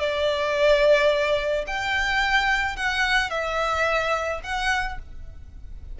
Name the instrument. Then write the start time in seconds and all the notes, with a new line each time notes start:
violin
0.00 D5
1.67 G5
2.76 F#5
3.30 E5
4.43 F#5